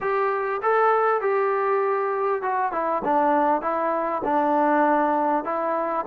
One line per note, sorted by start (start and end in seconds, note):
0.00 0.61 G4
0.62 1.21 A4
1.21 2.42 G4
2.42 2.72 F#4
2.72 3.02 E4
3.04 3.61 D4
3.61 4.22 E4
4.24 5.44 D4
5.44 6.05 E4